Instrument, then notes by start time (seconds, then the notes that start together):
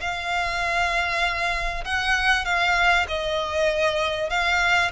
violin
0.00 F5
1.84 F#5
2.45 F5
3.08 D#5
4.30 F5